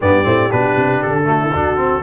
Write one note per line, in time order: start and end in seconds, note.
0.00 0.25 G2
0.00 0.24 B3
0.00 1.26 G4
0.00 0.51 D5
0.24 0.50 A2
0.24 0.49 C4
0.50 0.75 B2
0.50 1.23 D4
0.50 1.02 B4
0.75 1.01 C3
1.02 1.54 D3
1.02 2.03 A4
1.23 1.49 A3
1.23 1.40 F#4
1.41 1.54 E4
1.54 2.03 D2
1.54 1.76 D4
1.54 2.03 F#4
1.76 2.02 C4